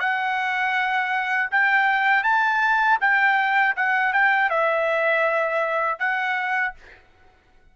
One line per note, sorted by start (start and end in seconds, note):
0.00 1.50 F#5
1.51 2.23 G5
2.23 2.98 A5
3.00 3.75 G5
3.76 4.13 F#5
4.13 4.50 G5
4.50 5.99 E5
5.99 6.74 F#5